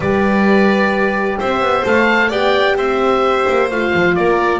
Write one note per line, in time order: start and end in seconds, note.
0.00 1.38 G3
0.00 1.85 G4
0.00 1.37 B4
0.00 1.39 D5
1.39 1.60 C4
1.39 2.28 C5
1.39 1.85 E5
1.60 1.83 B3
1.85 2.30 A3
1.85 2.31 A4
1.85 2.31 F5
2.28 2.76 B3
2.28 3.69 G4
2.28 2.75 D5
2.28 2.77 G5
2.76 3.45 C4
2.76 4.15 C5
2.76 3.69 E5
3.49 3.70 A#3
3.70 3.93 A3
3.70 4.60 F4
3.70 4.15 F5
3.94 4.16 F3
4.15 4.60 A#3
4.15 4.60 A#4
4.15 4.60 D5